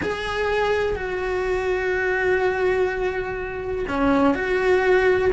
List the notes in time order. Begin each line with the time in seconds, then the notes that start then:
0.02 G#4
0.95 F#4
3.88 C#4
4.34 F#4